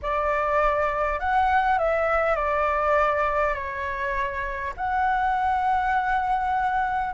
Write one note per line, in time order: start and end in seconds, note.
0.02 1.19 D5
1.19 1.78 F#5
1.78 2.35 E5
2.35 3.54 D5
3.54 4.73 C#5
4.77 7.14 F#5